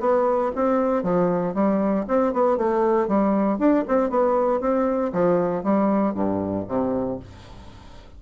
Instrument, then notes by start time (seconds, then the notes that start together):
bassoon
0.00 B3
0.55 C4
1.03 F3
1.54 G3
2.08 C4
2.33 B3
2.57 A3
3.08 G3
3.59 D4
3.88 C4
4.10 B3
4.61 C4
5.13 F3
5.63 G3
6.14 G2
6.68 C3